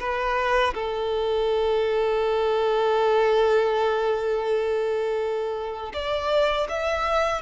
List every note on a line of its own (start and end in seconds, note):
0.00 0.74 B4
0.74 5.93 A4
5.94 6.68 D5
6.69 7.42 E5